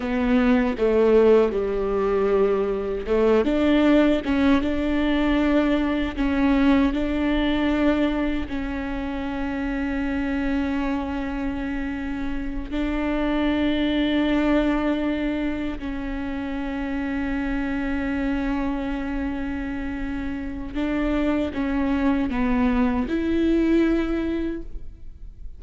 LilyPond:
\new Staff \with { instrumentName = "viola" } { \time 4/4 \tempo 4 = 78 b4 a4 g2 | a8 d'4 cis'8 d'2 | cis'4 d'2 cis'4~ | cis'1~ |
cis'8 d'2.~ d'8~ | d'8 cis'2.~ cis'8~ | cis'2. d'4 | cis'4 b4 e'2 | }